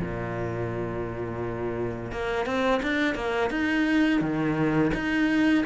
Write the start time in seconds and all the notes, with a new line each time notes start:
0.00 A#2
2.11 A#3
2.45 C4
2.82 D4
3.15 A#3
3.50 D#4
4.21 D#3
4.94 D#4